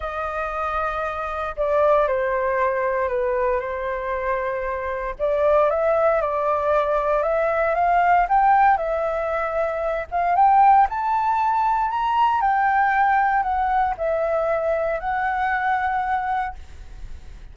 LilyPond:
\new Staff \with { instrumentName = "flute" } { \time 4/4 \tempo 4 = 116 dis''2. d''4 | c''2 b'4 c''4~ | c''2 d''4 e''4 | d''2 e''4 f''4 |
g''4 e''2~ e''8 f''8 | g''4 a''2 ais''4 | g''2 fis''4 e''4~ | e''4 fis''2. | }